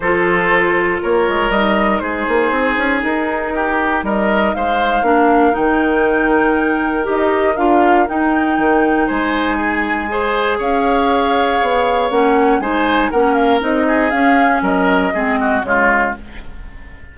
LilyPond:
<<
  \new Staff \with { instrumentName = "flute" } { \time 4/4 \tempo 4 = 119 c''2 cis''4 dis''4 | c''2 ais'2 | dis''4 f''2 g''4~ | g''2 dis''4 f''4 |
g''2 gis''2~ | gis''4 f''2. | fis''4 gis''4 fis''8 f''8 dis''4 | f''4 dis''2 cis''4 | }
  \new Staff \with { instrumentName = "oboe" } { \time 4/4 a'2 ais'2 | gis'2. g'4 | ais'4 c''4 ais'2~ | ais'1~ |
ais'2 c''4 gis'4 | c''4 cis''2.~ | cis''4 c''4 ais'4. gis'8~ | gis'4 ais'4 gis'8 fis'8 f'4 | }
  \new Staff \with { instrumentName = "clarinet" } { \time 4/4 f'2. dis'4~ | dis'1~ | dis'2 d'4 dis'4~ | dis'2 g'4 f'4 |
dis'1 | gis'1 | cis'4 dis'4 cis'4 dis'4 | cis'2 c'4 gis4 | }
  \new Staff \with { instrumentName = "bassoon" } { \time 4/4 f2 ais8 gis8 g4 | gis8 ais8 c'8 cis'8 dis'2 | g4 gis4 ais4 dis4~ | dis2 dis'4 d'4 |
dis'4 dis4 gis2~ | gis4 cis'2 b4 | ais4 gis4 ais4 c'4 | cis'4 fis4 gis4 cis4 | }
>>